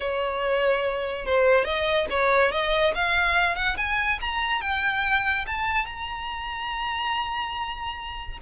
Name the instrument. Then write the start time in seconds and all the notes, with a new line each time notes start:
violin
0.00 C#5
1.25 C5
1.64 D#5
2.10 C#5
2.51 D#5
2.94 F5
3.55 F#5
3.77 G#5
4.20 A#5
4.61 G5
5.47 A5
5.86 A#5